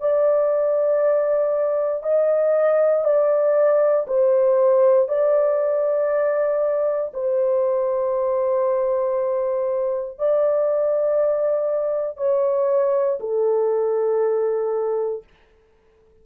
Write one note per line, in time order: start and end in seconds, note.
0.00 2.03 D5
2.03 3.04 D#5
3.04 4.06 D5
4.07 5.08 C5
5.08 7.12 D5
7.13 10.18 C5
10.18 12.17 D5
12.17 13.19 C#5
13.20 15.24 A4